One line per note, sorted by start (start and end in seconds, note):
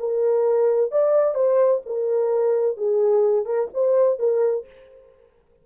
0.00 0.92 A#4
0.92 1.35 D5
1.35 1.82 C5
1.86 2.78 A#4
2.78 3.46 G#4
3.46 3.69 A#4
3.74 4.20 C5
4.20 4.66 A#4